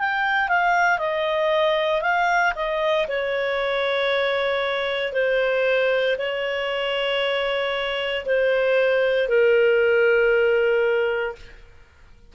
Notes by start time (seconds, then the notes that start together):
0.00 G5
0.49 F5
0.99 D#5
2.02 F5
2.56 D#5
3.08 C#5
5.13 C5
6.18 C#5
8.26 C5
9.29 A#4